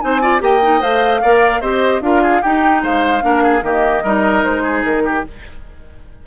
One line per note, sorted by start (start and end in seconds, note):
0.00 0.41 C4
0.00 0.21 D#4
0.00 0.21 C5
0.00 0.40 G#5
0.21 0.40 F4
0.21 0.41 D5
0.40 0.81 A#3
0.40 0.60 G4
0.40 1.21 D#5
0.40 0.82 G5
0.62 0.79 D#4
0.79 1.22 A3
0.79 1.19 C5
0.79 1.61 F5
1.21 1.61 A#3
1.21 1.62 A#4
1.21 1.60 D5
1.60 2.00 C4
1.60 2.02 G4
1.60 2.01 C5
1.60 2.01 D#5
2.00 2.41 D4
2.00 2.42 F4
2.00 2.22 A#4
2.00 2.42 F5
2.22 2.42 G#4
2.42 2.82 D#4
2.42 3.20 D#4
2.42 2.82 G4
2.42 2.82 G5
2.82 3.23 G#3
2.82 3.23 C5
2.82 3.63 F5
3.20 3.62 A#3
3.20 3.61 D4
3.20 3.43 A#4
3.43 3.63 G#4
3.61 4.02 D#3
3.61 4.02 A#3
3.61 4.03 G4
3.61 4.44 D#5
4.03 4.44 G3
4.03 5.26 D#4
4.03 4.62 A#4
4.44 4.83 G#3
4.44 4.83 C5
4.62 5.03 G#4
4.83 5.23 D#3
4.83 5.24 A#4
5.05 5.25 G4